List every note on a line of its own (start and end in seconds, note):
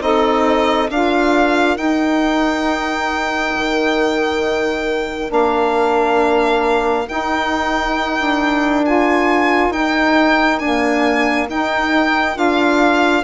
0.00 0.89 C4
0.00 0.88 D#4
0.00 0.91 A4
0.00 0.90 D#5
0.90 1.77 D4
0.90 1.76 F4
0.90 13.24 A#4
0.90 1.77 F5
1.76 5.28 D#4
1.76 3.54 D#4
1.76 5.30 G5
3.56 5.31 D#3
5.28 7.07 A#3
5.28 7.04 D4
5.28 7.08 F5
7.08 8.84 D#4
7.08 8.20 D#4
7.08 8.85 G5
8.20 9.69 D4
8.85 9.73 F4
8.85 9.72 G#5
9.69 10.57 D#4
9.69 10.62 D#4
9.69 10.59 G5
10.59 11.50 A#3
10.59 11.48 D4
10.59 11.47 G#5
11.49 12.37 D#4
11.49 12.34 D#4
11.49 12.37 G5
12.34 13.24 D4
12.34 13.22 F4
12.34 13.24 F5